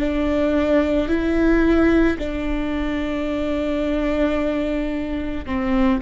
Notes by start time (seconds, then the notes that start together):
0.00 D4
1.08 E4
2.18 D4
5.46 C4